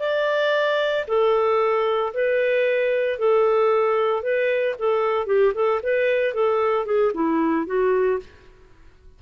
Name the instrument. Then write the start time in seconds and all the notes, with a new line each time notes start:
clarinet
0.00 D5
1.08 A4
2.14 B4
3.19 A4
4.23 B4
4.79 A4
5.27 G4
5.55 A4
5.83 B4
6.34 A4
6.86 G#4
7.14 E4
7.67 F#4